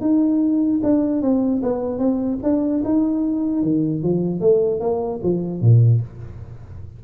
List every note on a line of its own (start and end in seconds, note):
0.00 0.80 D#4
0.83 1.22 D4
1.22 1.62 C4
1.62 1.98 B3
1.98 2.38 C4
2.43 2.83 D4
2.84 3.62 D#4
3.62 4.02 D#3
4.02 4.40 F3
4.40 4.80 A3
4.80 5.20 A#3
5.23 5.61 F3
5.61 6.01 A#2